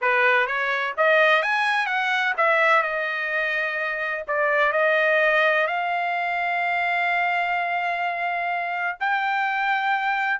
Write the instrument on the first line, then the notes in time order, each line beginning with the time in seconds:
trumpet
0.01 B4
0.47 C#5
0.97 D#5
1.42 G#5
1.86 F#5
2.37 E5
2.82 D#5
4.27 D5
4.72 D#5
5.67 F5
9.00 G5